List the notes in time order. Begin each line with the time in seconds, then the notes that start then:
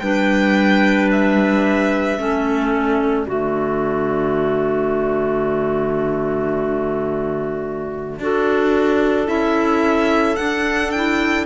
0.00 G3 D4 B4 G5
1.12 E5
2.18 A3 C#4 A4
2.75 D5
3.27 D3 A3 F#4
8.20 D4 F#4 A4
9.27 C#4 E4 E5
10.37 D4 F#5
10.91 E4 G5